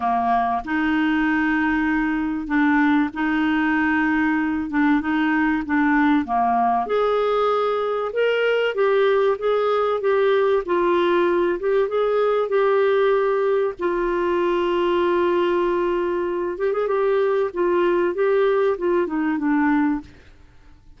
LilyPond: \new Staff \with { instrumentName = "clarinet" } { \time 4/4 \tempo 4 = 96 ais4 dis'2. | d'4 dis'2~ dis'8 d'8 | dis'4 d'4 ais4 gis'4~ | gis'4 ais'4 g'4 gis'4 |
g'4 f'4. g'8 gis'4 | g'2 f'2~ | f'2~ f'8 g'16 gis'16 g'4 | f'4 g'4 f'8 dis'8 d'4 | }